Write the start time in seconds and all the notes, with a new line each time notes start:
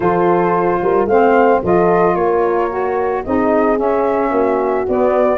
0.00 F3 F4 A4 C5
0.82 G3 A#4
1.05 A3 C4 C5 F5
1.63 F3 F4 A4 D#5
2.15 A#3 A#4 C#5
2.69 F#4
3.24 C4 D#4 G#4 D#5
3.76 C#4 E5
4.31 A#3 F#4
4.88 B3 D5